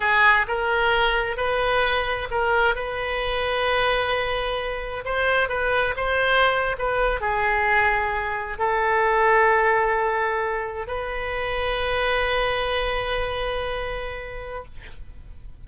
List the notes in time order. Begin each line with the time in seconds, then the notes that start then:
0.00 G#4
0.47 A#4
1.37 B4
2.30 A#4
2.75 B4
5.04 C5
5.49 B4
5.96 C5
6.78 B4
7.20 G#4
8.58 A4
10.87 B4